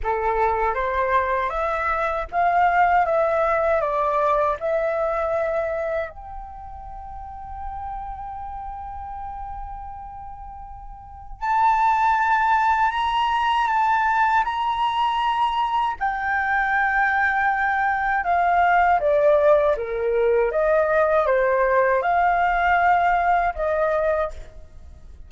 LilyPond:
\new Staff \with { instrumentName = "flute" } { \time 4/4 \tempo 4 = 79 a'4 c''4 e''4 f''4 | e''4 d''4 e''2 | g''1~ | g''2. a''4~ |
a''4 ais''4 a''4 ais''4~ | ais''4 g''2. | f''4 d''4 ais'4 dis''4 | c''4 f''2 dis''4 | }